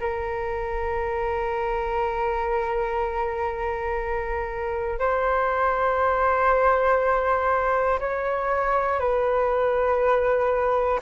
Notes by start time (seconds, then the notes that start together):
0.00 A#4
4.99 C5
8.00 C#5
9.00 B4